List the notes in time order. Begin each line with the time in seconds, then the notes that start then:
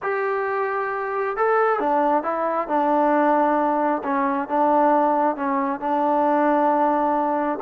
0.02 G4
1.37 A4
1.79 D4
2.23 E4
2.68 D4
4.03 C#4
4.48 D4
5.36 C#4
5.80 D4